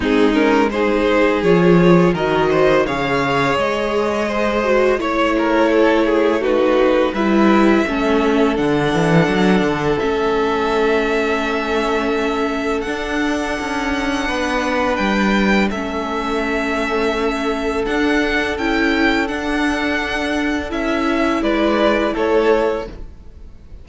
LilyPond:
<<
  \new Staff \with { instrumentName = "violin" } { \time 4/4 \tempo 4 = 84 gis'8 ais'8 c''4 cis''4 dis''4 | f''4 dis''2 cis''4~ | cis''4 b'4 e''2 | fis''2 e''2~ |
e''2 fis''2~ | fis''4 g''4 e''2~ | e''4 fis''4 g''4 fis''4~ | fis''4 e''4 d''4 cis''4 | }
  \new Staff \with { instrumentName = "violin" } { \time 4/4 dis'4 gis'2 ais'8 c''8 | cis''2 c''4 cis''8 ais'8 | a'8 gis'8 fis'4 b'4 a'4~ | a'1~ |
a'1 | b'2 a'2~ | a'1~ | a'2 b'4 a'4 | }
  \new Staff \with { instrumentName = "viola" } { \time 4/4 c'8 cis'8 dis'4 f'4 fis'4 | gis'2~ gis'8 fis'8 e'4~ | e'4 dis'4 e'4 cis'4 | d'2 cis'2~ |
cis'2 d'2~ | d'2 cis'2~ | cis'4 d'4 e'4 d'4~ | d'4 e'2. | }
  \new Staff \with { instrumentName = "cello" } { \time 4/4 gis2 f4 dis4 | cis4 gis2 a4~ | a2 g4 a4 | d8 e8 fis8 d8 a2~ |
a2 d'4 cis'4 | b4 g4 a2~ | a4 d'4 cis'4 d'4~ | d'4 cis'4 gis4 a4 | }
>>